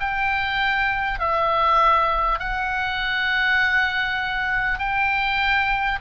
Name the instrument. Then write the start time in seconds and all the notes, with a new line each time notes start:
oboe
0.00 G5
1.19 E5
2.39 F#5
4.79 G5